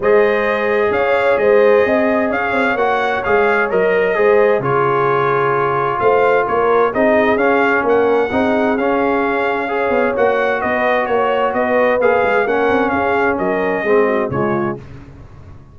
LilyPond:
<<
  \new Staff \with { instrumentName = "trumpet" } { \time 4/4 \tempo 4 = 130 dis''2 f''4 dis''4~ | dis''4 f''4 fis''4 f''4 | dis''2 cis''2~ | cis''4 f''4 cis''4 dis''4 |
f''4 fis''2 f''4~ | f''2 fis''4 dis''4 | cis''4 dis''4 f''4 fis''4 | f''4 dis''2 cis''4 | }
  \new Staff \with { instrumentName = "horn" } { \time 4/4 c''2 cis''4 c''4 | dis''4 cis''2.~ | cis''4 c''4 gis'2~ | gis'4 c''4 ais'4 gis'4~ |
gis'4 ais'4 gis'2~ | gis'4 cis''2 b'4 | cis''4 b'2 ais'4 | gis'4 ais'4 gis'8 fis'8 f'4 | }
  \new Staff \with { instrumentName = "trombone" } { \time 4/4 gis'1~ | gis'2 fis'4 gis'4 | ais'4 gis'4 f'2~ | f'2. dis'4 |
cis'2 dis'4 cis'4~ | cis'4 gis'4 fis'2~ | fis'2 gis'4 cis'4~ | cis'2 c'4 gis4 | }
  \new Staff \with { instrumentName = "tuba" } { \time 4/4 gis2 cis'4 gis4 | c'4 cis'8 c'8 ais4 gis4 | fis4 gis4 cis2~ | cis4 a4 ais4 c'4 |
cis'4 ais4 c'4 cis'4~ | cis'4. b8 ais4 b4 | ais4 b4 ais8 gis8 ais8 c'8 | cis'4 fis4 gis4 cis4 | }
>>